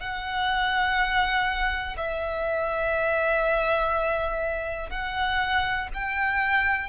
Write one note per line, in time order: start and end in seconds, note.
0.00 1.97 F#5
1.98 4.90 E5
4.90 5.89 F#5
5.95 6.90 G5